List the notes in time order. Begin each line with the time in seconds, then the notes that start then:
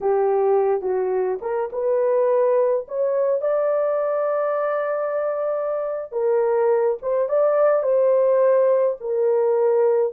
0.00 G4
0.81 F#4
1.41 A#4
1.72 B4
2.88 C#5
3.41 D5
6.11 A#4
7.02 C5
7.29 D5
7.82 C5
9.00 A#4